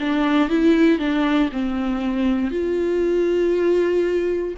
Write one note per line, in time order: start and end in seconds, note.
0.00 0.50 D4
0.50 0.99 E4
0.99 1.50 D4
1.52 2.51 C4
2.51 4.55 F4